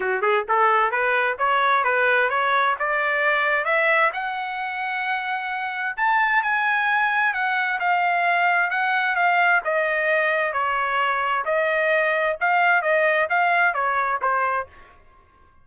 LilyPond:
\new Staff \with { instrumentName = "trumpet" } { \time 4/4 \tempo 4 = 131 fis'8 gis'8 a'4 b'4 cis''4 | b'4 cis''4 d''2 | e''4 fis''2.~ | fis''4 a''4 gis''2 |
fis''4 f''2 fis''4 | f''4 dis''2 cis''4~ | cis''4 dis''2 f''4 | dis''4 f''4 cis''4 c''4 | }